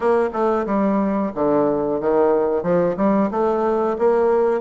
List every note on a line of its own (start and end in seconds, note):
0.00 0.29 A#3
0.32 0.65 A3
0.66 1.32 G3
1.34 2.00 D3
2.00 2.62 D#3
2.62 2.95 F3
2.97 3.30 G3
3.31 3.97 A3
3.98 4.60 A#3